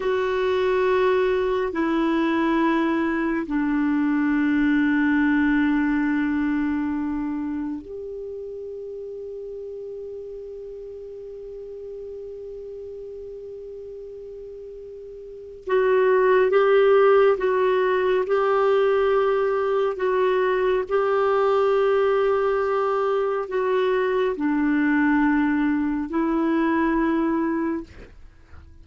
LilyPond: \new Staff \with { instrumentName = "clarinet" } { \time 4/4 \tempo 4 = 69 fis'2 e'2 | d'1~ | d'4 g'2.~ | g'1~ |
g'2 fis'4 g'4 | fis'4 g'2 fis'4 | g'2. fis'4 | d'2 e'2 | }